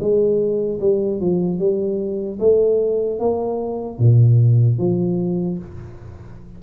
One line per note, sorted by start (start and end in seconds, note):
0.00 0.80 G#3
0.80 1.20 G3
1.21 1.59 F3
1.59 2.39 G3
2.40 3.20 A3
3.20 3.99 A#3
3.99 4.78 A#2
4.78 5.58 F3